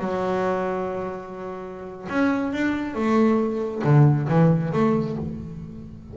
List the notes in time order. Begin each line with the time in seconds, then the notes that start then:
0.00 F#3
2.10 C#4
2.53 D4
2.95 A3
3.85 D3
4.29 E3
4.73 A3